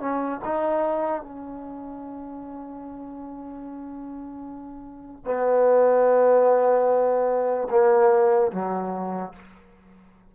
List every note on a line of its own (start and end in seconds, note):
0.00 0.41 C#4
0.44 1.22 D#4
1.22 5.25 C#4
5.25 7.68 B3
7.70 8.51 A#3
8.52 9.33 F#3